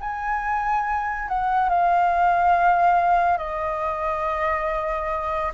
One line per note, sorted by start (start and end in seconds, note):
0.00 1.28 G#5
1.28 1.69 F#5
1.69 3.37 F5
3.37 5.52 D#5